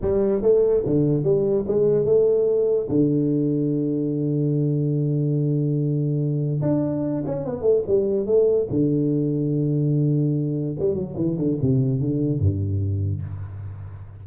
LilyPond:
\new Staff \with { instrumentName = "tuba" } { \time 4/4 \tempo 4 = 145 g4 a4 d4 g4 | gis4 a2 d4~ | d1~ | d1 |
d'4. cis'8 b8 a8 g4 | a4 d2.~ | d2 g8 fis8 e8 d8 | c4 d4 g,2 | }